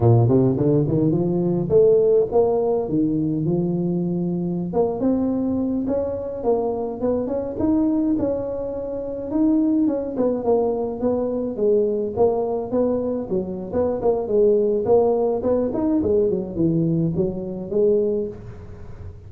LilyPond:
\new Staff \with { instrumentName = "tuba" } { \time 4/4 \tempo 4 = 105 ais,8 c8 d8 dis8 f4 a4 | ais4 dis4 f2~ | f16 ais8 c'4. cis'4 ais8.~ | ais16 b8 cis'8 dis'4 cis'4.~ cis'16~ |
cis'16 dis'4 cis'8 b8 ais4 b8.~ | b16 gis4 ais4 b4 fis8. | b8 ais8 gis4 ais4 b8 dis'8 | gis8 fis8 e4 fis4 gis4 | }